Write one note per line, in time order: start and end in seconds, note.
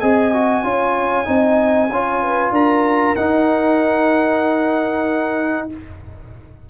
0.00 0.64 C4
0.00 0.32 G#4
0.00 0.64 D#5
0.00 2.53 G#5
0.33 0.63 F#4
0.63 1.27 C#4
0.63 1.25 F4
0.63 1.27 C#5
1.25 1.90 C4
1.25 1.88 D#4
1.25 1.91 D#5
1.90 2.51 C#4
1.90 3.17 F4
1.90 2.23 C#5
2.23 2.52 B4
2.51 3.14 D4
2.51 5.68 A#4
2.51 3.16 A#5
3.16 5.69 D#4
3.16 5.70 D#4
3.16 5.68 F#5